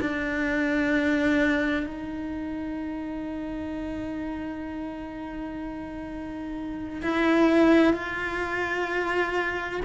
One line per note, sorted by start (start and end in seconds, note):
0.00 1.86 D4
1.86 7.01 D#4
7.02 7.93 E4
7.93 9.81 F4